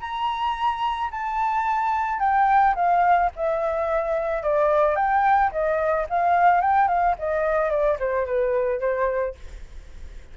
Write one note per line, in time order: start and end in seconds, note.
0.00 1.10 A#5
1.11 2.20 A5
2.20 2.75 G5
2.75 3.30 F5
3.36 4.43 E5
4.43 4.96 D5
4.96 5.51 G5
5.52 6.07 D#5
6.10 6.61 F5
6.61 6.88 G5
6.88 7.16 F5
7.19 7.70 D#5
7.70 7.98 D5
7.99 8.26 C5
8.26 8.80 B4
8.80 9.35 C5